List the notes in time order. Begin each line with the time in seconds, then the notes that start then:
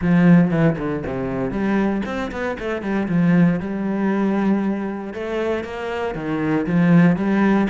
0.01 F3
0.50 E3
0.78 D3
1.06 C3
1.50 G3
2.05 C4
2.31 B3
2.59 A3
2.82 G3
3.08 F3
3.59 G3
5.13 A3
5.64 A#3
6.14 D#3
6.66 F3
7.16 G3